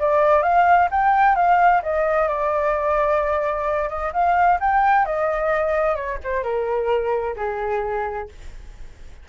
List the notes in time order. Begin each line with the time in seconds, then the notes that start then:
0.00 D5
0.43 F5
0.91 G5
1.36 F5
1.83 D#5
2.28 D5
3.89 D#5
4.13 F5
4.60 G5
5.06 D#5
5.96 C#5
6.24 C5
6.44 A#4
7.36 G#4